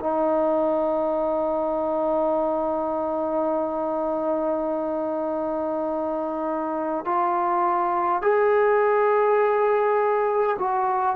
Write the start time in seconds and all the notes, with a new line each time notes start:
0.00 D#4
7.05 F4
8.22 G#4
10.59 F#4